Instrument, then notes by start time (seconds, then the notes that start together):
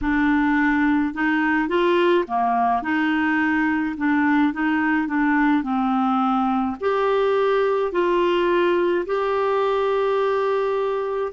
clarinet
0.01 D4
1.13 D#4
1.68 F4
2.27 A#3
2.82 D#4
3.97 D4
4.53 D#4
5.07 D4
5.63 C4
6.80 G4
7.92 F4
9.06 G4